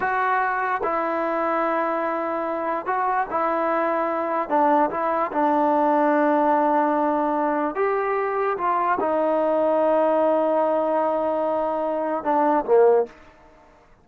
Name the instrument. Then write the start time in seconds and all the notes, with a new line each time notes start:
trombone
0.00 F#4
0.83 E4
2.86 F#4
3.30 E4
4.49 D4
4.90 E4
5.32 D4
7.75 G4
8.57 F4
8.99 D#4
12.24 D4
12.65 A#3